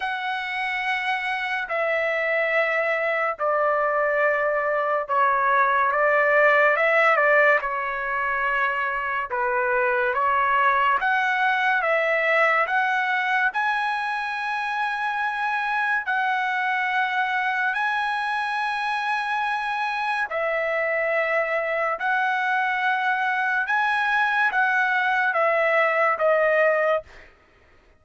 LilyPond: \new Staff \with { instrumentName = "trumpet" } { \time 4/4 \tempo 4 = 71 fis''2 e''2 | d''2 cis''4 d''4 | e''8 d''8 cis''2 b'4 | cis''4 fis''4 e''4 fis''4 |
gis''2. fis''4~ | fis''4 gis''2. | e''2 fis''2 | gis''4 fis''4 e''4 dis''4 | }